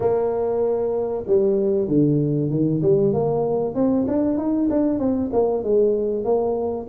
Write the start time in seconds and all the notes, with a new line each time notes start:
0.00 A#3
1.27 G3
1.88 D3
2.50 D#3
2.82 G3
3.13 A#3
3.74 C4
4.07 D4
4.37 D#4
4.70 D4
4.99 C4
5.32 A#3
5.63 G#3
6.24 A#3